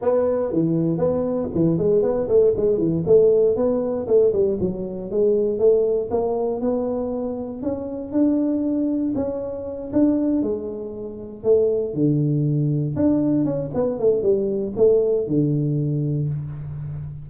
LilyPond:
\new Staff \with { instrumentName = "tuba" } { \time 4/4 \tempo 4 = 118 b4 e4 b4 e8 gis8 | b8 a8 gis8 e8 a4 b4 | a8 g8 fis4 gis4 a4 | ais4 b2 cis'4 |
d'2 cis'4. d'8~ | d'8 gis2 a4 d8~ | d4. d'4 cis'8 b8 a8 | g4 a4 d2 | }